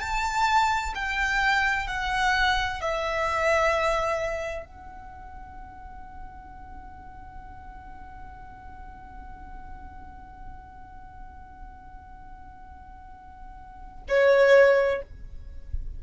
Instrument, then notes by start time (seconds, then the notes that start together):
violin
0.00 A5
0.95 G5
1.87 F#5
2.81 E5
4.65 F#5
14.08 C#5